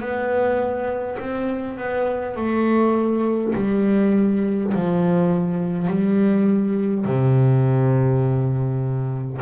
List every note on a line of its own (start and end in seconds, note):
0.00 1.18 B3
1.19 1.78 C4
1.78 2.36 B3
2.36 3.54 A3
3.56 4.73 G3
4.74 5.88 F3
5.88 7.05 G3
7.05 9.41 C3